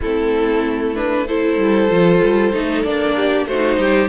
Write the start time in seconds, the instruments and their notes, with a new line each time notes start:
0.01 cello A3, viola C4, violin E4 A4
0.95 viola D4, violin B4
1.27 viola E4, violin A4 C5
1.57 cello G3
1.90 cello F3, viola F4
2.23 cello G3
2.53 cello A3, viola D#4
2.82 cello A#3, viola D4, violin D5
3.15 violin G4
3.45 cello A3, violin F#4 C5
3.52 viola D#4
3.78 cello G3, violin G4